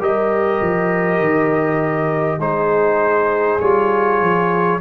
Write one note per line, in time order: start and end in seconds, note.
0.00 0.60 G3
0.00 2.40 G4
0.00 2.40 A#4
0.00 2.41 D#5
0.61 1.20 F3
1.20 2.39 D#3
2.39 3.59 G#3
2.39 3.60 D#4
2.39 4.80 G#4
2.39 3.60 C5
3.60 4.21 G3
3.60 4.81 F4
3.60 4.80 C#5
4.21 4.81 F3